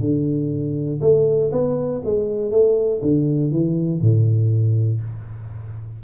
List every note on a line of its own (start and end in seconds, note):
0.00 1.00 D3
1.01 1.51 A3
1.51 2.01 B3
2.05 2.51 G#3
2.51 3.01 A3
3.02 3.51 D3
3.51 4.01 E3
4.01 5.01 A2